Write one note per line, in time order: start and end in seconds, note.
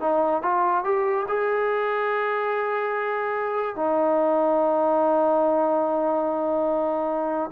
0.00 0.42 D#4
0.42 0.84 F4
0.84 1.26 G4
1.28 3.75 G#4
3.75 7.50 D#4